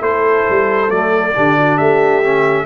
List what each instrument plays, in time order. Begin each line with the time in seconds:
0.00 tuba A3, trombone E4, horn A4, trumpet C5
0.49 tuba G3
0.90 tuba F#3, trombone A3, trumpet D5
1.35 tuba D3, trombone D4, horn G4
1.58 horn F#4
1.76 tuba A3, horn G4, trumpet E5
2.23 trombone C#4